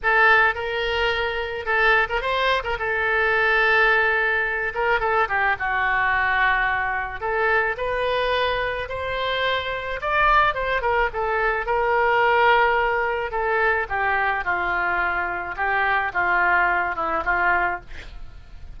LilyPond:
\new Staff \with { instrumentName = "oboe" } { \time 4/4 \tempo 4 = 108 a'4 ais'2 a'8. ais'16 | c''8. ais'16 a'2.~ | a'8 ais'8 a'8 g'8 fis'2~ | fis'4 a'4 b'2 |
c''2 d''4 c''8 ais'8 | a'4 ais'2. | a'4 g'4 f'2 | g'4 f'4. e'8 f'4 | }